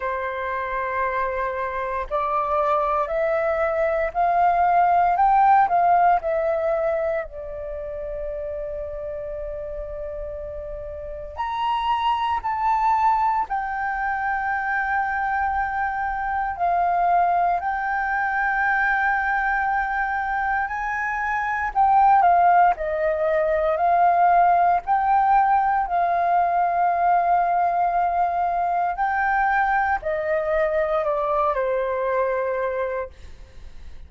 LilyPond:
\new Staff \with { instrumentName = "flute" } { \time 4/4 \tempo 4 = 58 c''2 d''4 e''4 | f''4 g''8 f''8 e''4 d''4~ | d''2. ais''4 | a''4 g''2. |
f''4 g''2. | gis''4 g''8 f''8 dis''4 f''4 | g''4 f''2. | g''4 dis''4 d''8 c''4. | }